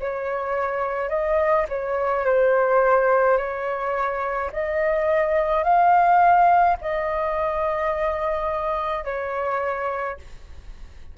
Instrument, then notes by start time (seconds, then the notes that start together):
flute
0.00 C#5
1.10 D#5
1.69 C#5
2.25 C5
3.38 C#5
4.53 D#5
5.64 F5
6.81 D#5
9.05 C#5